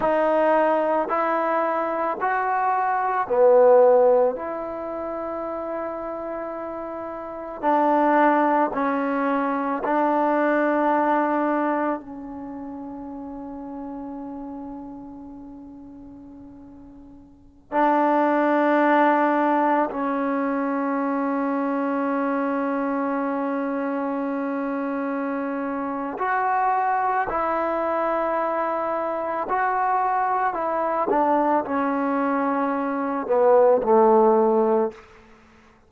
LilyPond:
\new Staff \with { instrumentName = "trombone" } { \time 4/4 \tempo 4 = 55 dis'4 e'4 fis'4 b4 | e'2. d'4 | cis'4 d'2 cis'4~ | cis'1~ |
cis'16 d'2 cis'4.~ cis'16~ | cis'1 | fis'4 e'2 fis'4 | e'8 d'8 cis'4. b8 a4 | }